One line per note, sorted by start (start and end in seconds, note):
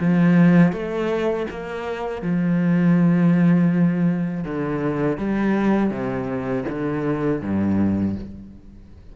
0.00 0.72 F3
0.72 1.46 A3
1.51 2.22 A#3
2.22 4.44 F3
4.44 5.18 D3
5.18 5.91 G3
5.91 6.65 C3
6.69 7.41 D3
7.41 8.15 G2